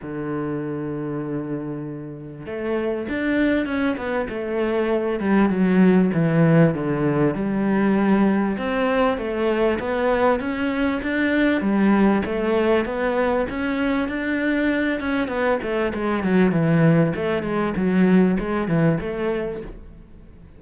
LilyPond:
\new Staff \with { instrumentName = "cello" } { \time 4/4 \tempo 4 = 98 d1 | a4 d'4 cis'8 b8 a4~ | a8 g8 fis4 e4 d4 | g2 c'4 a4 |
b4 cis'4 d'4 g4 | a4 b4 cis'4 d'4~ | d'8 cis'8 b8 a8 gis8 fis8 e4 | a8 gis8 fis4 gis8 e8 a4 | }